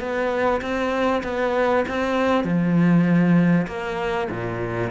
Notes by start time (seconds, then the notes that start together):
0.00 B3
0.62 C4
1.24 B3
1.89 C4
2.45 F3
3.67 A#3
4.31 A#2